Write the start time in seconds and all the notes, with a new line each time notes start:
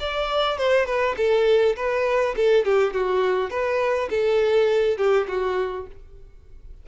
0.00 D5
0.58 C5
0.86 B4
1.17 A4
1.76 B4
2.36 A4
2.65 G4
2.94 F#4
3.50 B4
4.10 A4
4.98 G4
5.28 F#4